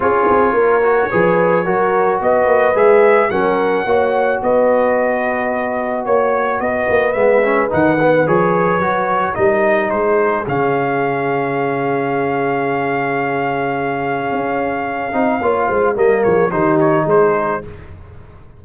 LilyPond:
<<
  \new Staff \with { instrumentName = "trumpet" } { \time 4/4 \tempo 4 = 109 cis''1 | dis''4 e''4 fis''2 | dis''2. cis''4 | dis''4 e''4 fis''4 cis''4~ |
cis''4 dis''4 c''4 f''4~ | f''1~ | f''1~ | f''4 dis''8 cis''8 c''8 cis''8 c''4 | }
  \new Staff \with { instrumentName = "horn" } { \time 4/4 gis'4 ais'4 b'4 ais'4 | b'2 ais'4 cis''4 | b'2. cis''4 | b'1~ |
b'4 ais'4 gis'2~ | gis'1~ | gis'1 | cis''8 c''8 ais'8 gis'8 g'4 gis'4 | }
  \new Staff \with { instrumentName = "trombone" } { \time 4/4 f'4. fis'8 gis'4 fis'4~ | fis'4 gis'4 cis'4 fis'4~ | fis'1~ | fis'4 b8 cis'8 dis'8 b8 gis'4 |
fis'4 dis'2 cis'4~ | cis'1~ | cis'2.~ cis'8 dis'8 | f'4 ais4 dis'2 | }
  \new Staff \with { instrumentName = "tuba" } { \time 4/4 cis'8 c'8 ais4 f4 fis4 | b8 ais8 gis4 fis4 ais4 | b2. ais4 | b8 ais8 gis4 dis4 f4 |
fis4 g4 gis4 cis4~ | cis1~ | cis2 cis'4. c'8 | ais8 gis8 g8 f8 dis4 gis4 | }
>>